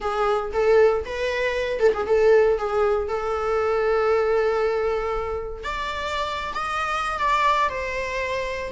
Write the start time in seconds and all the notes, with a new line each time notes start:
0.00 G#4
0.53 A4
1.05 B4
1.79 A4
1.94 G#4
2.06 A4
2.58 G#4
3.08 A4
5.63 D5
6.54 D#5
7.18 D5
7.69 C5